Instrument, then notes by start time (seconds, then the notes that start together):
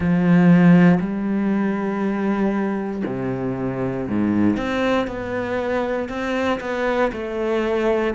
cello
0.00 F3
0.99 G3
3.05 C3
4.08 G#2
4.57 C4
5.07 B3
6.08 C4
6.60 B3
7.12 A3